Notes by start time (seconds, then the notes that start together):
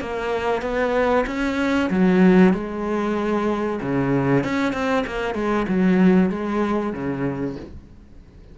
0.00 A#3
0.61 B3
1.27 C#4
1.90 F#3
2.53 G#3
3.81 C#3
4.44 C#4
4.73 C4
5.06 A#3
5.35 G#3
5.68 F#3
6.30 G#3
6.93 C#3